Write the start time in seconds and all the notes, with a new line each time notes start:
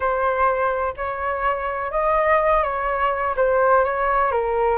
0.00 C5
0.96 C#5
1.91 D#5
2.63 C#5
3.36 C5
3.84 C#5
4.31 A#4